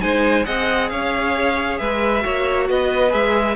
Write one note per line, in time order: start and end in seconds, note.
0.00 0.47 G#3
0.00 0.44 D#4
0.00 0.46 C5
0.00 0.45 G#5
0.45 0.91 C4
0.45 2.21 G#4
0.45 0.90 D#5
0.45 0.89 F#5
0.89 1.80 C#4
0.89 1.80 C#5
0.89 1.78 F5
1.78 2.25 G#3
1.78 2.24 B4
1.78 2.67 E5
2.21 2.70 A#3
2.21 3.09 F#4
2.21 2.68 C#5
2.68 3.14 B3
2.68 3.56 B4
2.68 3.12 D#5
3.10 3.56 G#3
3.10 3.55 G#4
3.10 3.56 E5